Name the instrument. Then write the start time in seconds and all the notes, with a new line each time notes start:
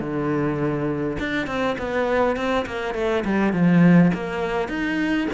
cello
0.00 D3
1.19 D4
1.47 C4
1.78 B3
2.36 C4
2.66 A#3
2.95 A3
3.25 G3
3.53 F3
4.14 A#3
4.68 D#4